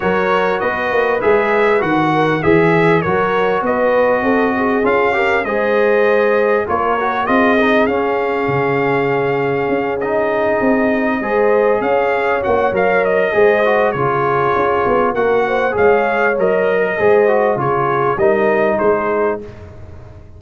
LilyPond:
<<
  \new Staff \with { instrumentName = "trumpet" } { \time 4/4 \tempo 4 = 99 cis''4 dis''4 e''4 fis''4 | e''4 cis''4 dis''2 | f''4 dis''2 cis''4 | dis''4 f''2.~ |
f''8 dis''2. f''8~ | f''8 fis''8 f''8 dis''4. cis''4~ | cis''4 fis''4 f''4 dis''4~ | dis''4 cis''4 dis''4 c''4 | }
  \new Staff \with { instrumentName = "horn" } { \time 4/4 ais'4 b'2~ b'8 ais'8 | gis'4 ais'4 b'4 a'8 gis'8~ | gis'8 ais'8 c''2 ais'4 | gis'1~ |
gis'2~ gis'8 c''4 cis''8~ | cis''2 c''4 gis'4~ | gis'4 ais'8 c''8 cis''4.~ cis''16 ais'16 | c''4 gis'4 ais'4 gis'4 | }
  \new Staff \with { instrumentName = "trombone" } { \time 4/4 fis'2 gis'4 fis'4 | gis'4 fis'2. | f'8 g'8 gis'2 f'8 fis'8 | f'8 dis'8 cis'2.~ |
cis'8 dis'2 gis'4.~ | gis'8 fis'8 ais'4 gis'8 fis'8 f'4~ | f'4 fis'4 gis'4 ais'4 | gis'8 fis'8 f'4 dis'2 | }
  \new Staff \with { instrumentName = "tuba" } { \time 4/4 fis4 b8 ais8 gis4 dis4 | e4 fis4 b4 c'4 | cis'4 gis2 ais4 | c'4 cis'4 cis2 |
cis'4. c'4 gis4 cis'8~ | cis'8 ais8 fis4 gis4 cis4 | cis'8 b8 ais4 gis4 fis4 | gis4 cis4 g4 gis4 | }
>>